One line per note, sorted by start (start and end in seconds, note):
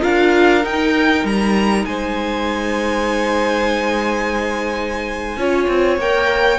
0.00 0.65 D4
0.00 0.61 F4
0.00 1.85 A#4
0.00 0.64 F5
0.63 5.37 D#4
0.63 1.23 D#4
0.63 1.26 G5
1.23 1.85 G3
1.23 1.85 A#5
1.85 5.36 G#3
1.85 5.38 C5
1.85 5.98 G#5
5.36 5.67 C#4
5.36 5.99 F4
5.36 6.59 C#5
5.67 5.98 C4
5.98 6.59 A#3
5.98 6.59 A#4
5.98 6.59 G5